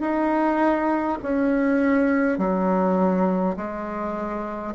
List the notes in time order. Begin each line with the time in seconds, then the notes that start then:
0.00 D#4
1.22 C#4
2.38 F#3
3.56 G#3